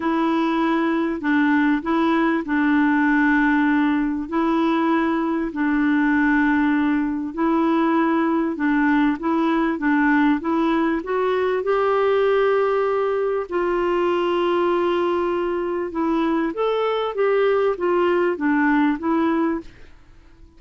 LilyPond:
\new Staff \with { instrumentName = "clarinet" } { \time 4/4 \tempo 4 = 98 e'2 d'4 e'4 | d'2. e'4~ | e'4 d'2. | e'2 d'4 e'4 |
d'4 e'4 fis'4 g'4~ | g'2 f'2~ | f'2 e'4 a'4 | g'4 f'4 d'4 e'4 | }